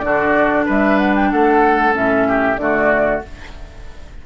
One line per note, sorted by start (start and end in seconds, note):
0.00 0.68 D3
0.00 1.93 D4
0.00 0.65 F#4
0.00 0.64 D5
0.65 1.32 G3
0.65 1.29 B4
0.65 0.98 E5
0.98 1.14 F#5
1.15 1.31 G5
1.31 1.95 A3
1.31 2.28 A4
1.31 1.95 F#5
1.93 2.58 A2
1.93 2.56 C#4
1.93 2.58 E5
2.28 2.60 G4
2.58 3.21 D3
2.58 3.23 A3
2.58 3.26 F#4
2.58 3.21 D5